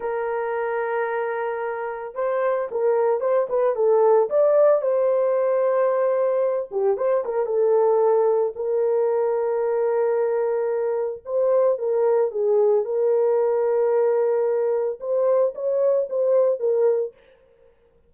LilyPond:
\new Staff \with { instrumentName = "horn" } { \time 4/4 \tempo 4 = 112 ais'1 | c''4 ais'4 c''8 b'8 a'4 | d''4 c''2.~ | c''8 g'8 c''8 ais'8 a'2 |
ais'1~ | ais'4 c''4 ais'4 gis'4 | ais'1 | c''4 cis''4 c''4 ais'4 | }